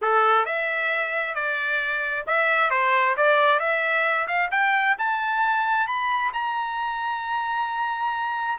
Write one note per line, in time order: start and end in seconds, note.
0.01 0.45 A4
0.45 1.35 E5
1.35 2.25 D5
2.26 2.70 E5
2.70 3.15 C5
3.17 3.59 D5
3.59 4.27 E5
4.27 4.50 F5
4.51 4.96 G5
4.98 5.87 A5
5.87 6.32 B5
6.33 8.58 A#5